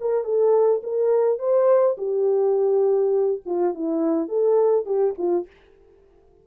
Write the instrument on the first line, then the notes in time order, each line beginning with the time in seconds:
horn
0.00 A#4
0.23 A4
0.83 A#4
1.38 C5
1.97 G4
3.45 F4
3.74 E4
4.28 A4
4.85 G4
5.17 F4